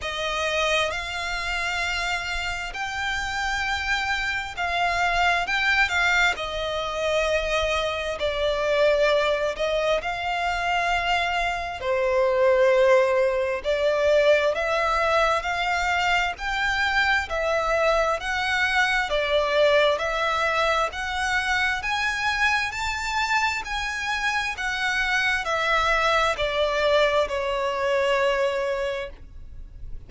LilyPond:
\new Staff \with { instrumentName = "violin" } { \time 4/4 \tempo 4 = 66 dis''4 f''2 g''4~ | g''4 f''4 g''8 f''8 dis''4~ | dis''4 d''4. dis''8 f''4~ | f''4 c''2 d''4 |
e''4 f''4 g''4 e''4 | fis''4 d''4 e''4 fis''4 | gis''4 a''4 gis''4 fis''4 | e''4 d''4 cis''2 | }